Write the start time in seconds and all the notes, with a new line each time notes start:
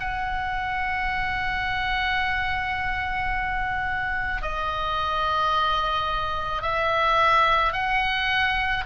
0.00 F#5
4.42 D#5
6.62 E5
7.73 F#5